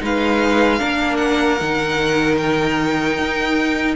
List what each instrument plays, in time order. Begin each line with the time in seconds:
0.00 cello G#3, viola D#4, violin B4 F5
0.79 cello A#3, viola D4, violin A#4
1.16 violin F#5
1.59 cello D#3, viola D#4
2.37 violin G5
3.18 cello D#4